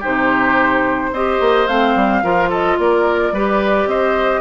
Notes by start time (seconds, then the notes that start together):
0.00 C3 D#4 G4 C5
1.12 C4 G4 C5 D#5
1.40 A#3
1.67 A3 C4 F5
1.95 G3
2.23 F3 F4 A#4
2.49 A4 D#5
2.79 A#3 A#4 D5
3.32 G3 G4 B4
3.86 C4 C5 D#5